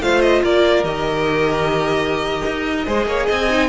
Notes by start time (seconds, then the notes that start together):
0.00 A3 F4 C5 F5
0.20 D#5
0.43 A#3 A#4 D5
0.83 D#3 G4 D#5
2.45 D#4
2.85 G#3 G#4 C5
3.05 A#3 C#5
3.26 C4 D#5 G#5
3.49 D#4